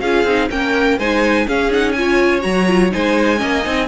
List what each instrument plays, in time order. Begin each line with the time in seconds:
0.00 cello C#4, viola F4, violin G#4 F5
0.24 cello C4, viola D#4
0.51 cello A#3, viola C#4, violin A#4 G5
0.98 cello G#3, viola D#4, violin C5 G#5
1.47 viola C#4, cello C#4, violin G#4 F5
1.71 viola D#4, violin F#5
1.92 viola F4, violin G#5
1.98 violin C#5
2.42 cello F#3, viola F#4, violin A#5
2.68 viola F4
2.91 cello G#3, viola D#4, violin C5 G#5
3.37 cello A#3, viola C#4, violin D#5
3.64 cello C4, viola D#4